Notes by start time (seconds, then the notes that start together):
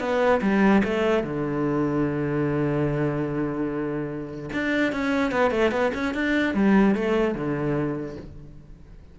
0.00 B3
0.42 G3
0.84 A3
1.24 D3
4.53 D4
4.92 C#4
5.32 B3
5.51 A3
5.72 B3
5.94 C#4
6.14 D4
6.54 G3
6.95 A3
7.35 D3